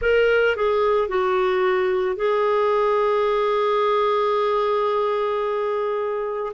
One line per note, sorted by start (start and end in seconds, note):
0.01 0.56 A#4
0.56 1.08 G#4
1.08 2.16 F#4
2.16 6.52 G#4